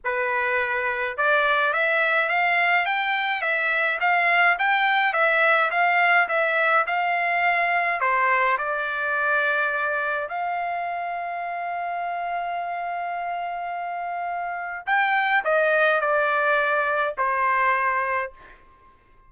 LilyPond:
\new Staff \with { instrumentName = "trumpet" } { \time 4/4 \tempo 4 = 105 b'2 d''4 e''4 | f''4 g''4 e''4 f''4 | g''4 e''4 f''4 e''4 | f''2 c''4 d''4~ |
d''2 f''2~ | f''1~ | f''2 g''4 dis''4 | d''2 c''2 | }